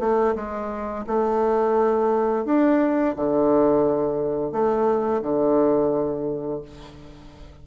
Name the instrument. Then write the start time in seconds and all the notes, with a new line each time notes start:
bassoon
0.00 A3
0.36 G#3
1.07 A3
2.45 D4
3.16 D3
4.52 A3
5.22 D3